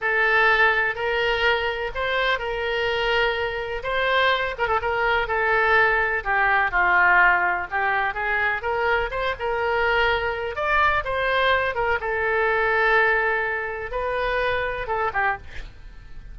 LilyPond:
\new Staff \with { instrumentName = "oboe" } { \time 4/4 \tempo 4 = 125 a'2 ais'2 | c''4 ais'2. | c''4. ais'16 a'16 ais'4 a'4~ | a'4 g'4 f'2 |
g'4 gis'4 ais'4 c''8 ais'8~ | ais'2 d''4 c''4~ | c''8 ais'8 a'2.~ | a'4 b'2 a'8 g'8 | }